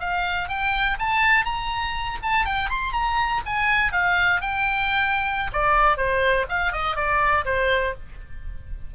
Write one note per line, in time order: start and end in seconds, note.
0.00 0.49 F5
0.49 0.98 G5
0.99 1.45 A5
1.45 2.18 A#5
2.23 2.45 A5
2.45 2.69 G5
2.69 2.92 C6
2.92 3.41 A#5
3.46 3.92 G#5
3.92 4.41 F5
4.41 5.51 G5
5.53 5.97 D5
5.97 6.46 C5
6.49 6.72 F5
6.72 6.96 D#5
6.96 7.45 D5
7.45 7.94 C5